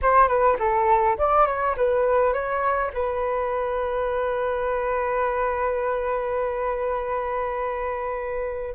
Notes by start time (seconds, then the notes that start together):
0.02 C5
0.28 B4
0.59 A4
1.18 D5
1.46 C#5
1.76 B4
2.33 C#5
2.93 B4